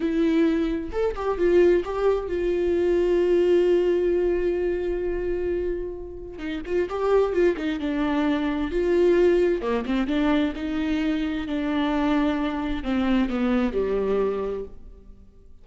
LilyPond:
\new Staff \with { instrumentName = "viola" } { \time 4/4 \tempo 4 = 131 e'2 a'8 g'8 f'4 | g'4 f'2.~ | f'1~ | f'2 dis'8 f'8 g'4 |
f'8 dis'8 d'2 f'4~ | f'4 ais8 c'8 d'4 dis'4~ | dis'4 d'2. | c'4 b4 g2 | }